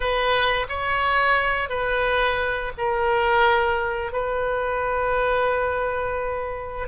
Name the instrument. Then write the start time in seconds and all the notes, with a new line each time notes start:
oboe
0.00 B4
0.68 C#5
1.69 B4
2.77 A#4
4.12 B4